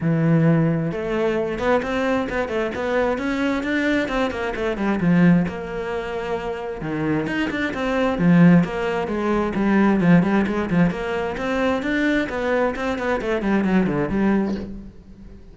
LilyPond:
\new Staff \with { instrumentName = "cello" } { \time 4/4 \tempo 4 = 132 e2 a4. b8 | c'4 b8 a8 b4 cis'4 | d'4 c'8 ais8 a8 g8 f4 | ais2. dis4 |
dis'8 d'8 c'4 f4 ais4 | gis4 g4 f8 g8 gis8 f8 | ais4 c'4 d'4 b4 | c'8 b8 a8 g8 fis8 d8 g4 | }